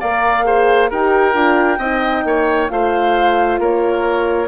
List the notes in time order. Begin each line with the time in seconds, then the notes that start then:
0.00 A#3 A#4 D5 F5
0.45 G#4 C5
0.90 D#4 G4 A#4 G5
1.34 D4 F4
1.79 C4 D#4 D#5
2.24 A#3 C#5
2.70 A3 F4 C5 F5
3.60 A#3 A#4 C#5